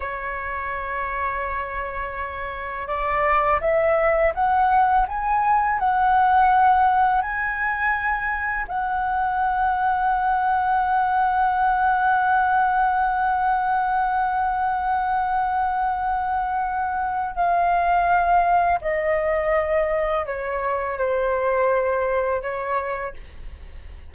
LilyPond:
\new Staff \with { instrumentName = "flute" } { \time 4/4 \tempo 4 = 83 cis''1 | d''4 e''4 fis''4 gis''4 | fis''2 gis''2 | fis''1~ |
fis''1~ | fis''1 | f''2 dis''2 | cis''4 c''2 cis''4 | }